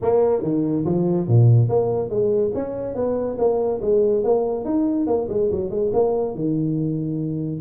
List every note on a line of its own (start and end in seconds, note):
0.02 0.42 A#3
0.42 0.84 D#3
0.85 1.27 F3
1.27 1.68 A#2
1.68 2.09 A#3
2.09 2.51 G#3
2.54 2.95 C#4
2.95 3.37 B3
3.38 3.80 A#3
3.81 4.23 G#3
4.23 4.65 A#3
4.65 5.06 D#4
5.06 5.27 A#3
5.29 5.50 G#3
5.51 5.70 F#3
5.70 5.91 G#3
5.93 6.35 A#3
6.35 7.61 D#3